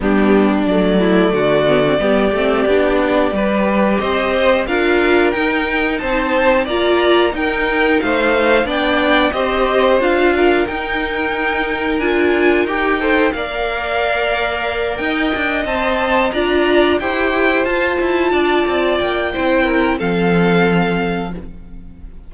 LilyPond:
<<
  \new Staff \with { instrumentName = "violin" } { \time 4/4 \tempo 4 = 90 g'4 d''2.~ | d''2 dis''4 f''4 | g''4 a''4 ais''4 g''4 | f''4 g''4 dis''4 f''4 |
g''2 gis''4 g''4 | f''2~ f''8 g''4 a''8~ | a''8 ais''4 g''4 a''4.~ | a''8 g''4. f''2 | }
  \new Staff \with { instrumentName = "violin" } { \time 4/4 d'4. e'8 fis'4 g'4~ | g'4 b'4 c''4 ais'4~ | ais'4 c''4 d''4 ais'4 | c''4 d''4 c''4. ais'8~ |
ais'2.~ ais'8 c''8 | d''2~ d''8 dis''4.~ | dis''8 d''4 c''2 d''8~ | d''4 c''8 ais'8 a'2 | }
  \new Staff \with { instrumentName = "viola" } { \time 4/4 b4 a4. b16 c'16 b8 c'8 | d'4 g'2 f'4 | dis'2 f'4 dis'4~ | dis'4 d'4 g'4 f'4 |
dis'2 f'4 g'8 a'8 | ais'2.~ ais'8 c''8~ | c''8 f'4 g'4 f'4.~ | f'4 e'4 c'2 | }
  \new Staff \with { instrumentName = "cello" } { \time 4/4 g4 fis4 d4 g8 a8 | b4 g4 c'4 d'4 | dis'4 c'4 ais4 dis'4 | a4 b4 c'4 d'4 |
dis'2 d'4 dis'4 | ais2~ ais8 dis'8 d'8 c'8~ | c'8 d'4 e'4 f'8 e'8 d'8 | c'8 ais8 c'4 f2 | }
>>